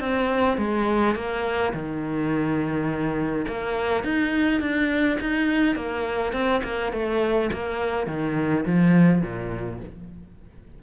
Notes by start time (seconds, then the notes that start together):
0.00 C4
0.58 G#3
1.15 A#3
1.73 D#3
3.48 A#3
4.04 D#4
4.61 D4
5.21 D#4
5.76 A#3
6.33 C4
6.64 A#3
6.93 A3
7.53 A#3
8.07 D#3
8.66 F3
9.22 A#2